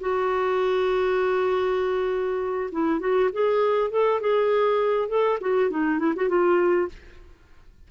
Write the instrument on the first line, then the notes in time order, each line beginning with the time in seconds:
clarinet
0.00 F#4
2.71 E4
3.00 F#4
3.32 G#4
3.91 A4
4.20 G#4
5.09 A4
5.40 F#4
5.70 D#4
5.99 E4
6.16 F#4
6.28 F4